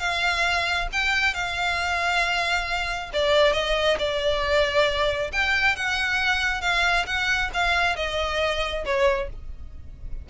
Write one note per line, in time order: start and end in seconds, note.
0.00 0.88 F5
0.93 1.34 G5
1.34 3.11 F5
3.13 3.53 D5
3.53 3.97 D#5
3.99 5.32 D5
5.33 5.76 G5
5.76 6.62 F#5
6.62 7.06 F5
7.07 7.51 F#5
7.54 7.96 F5
7.96 8.85 D#5
8.85 9.29 C#5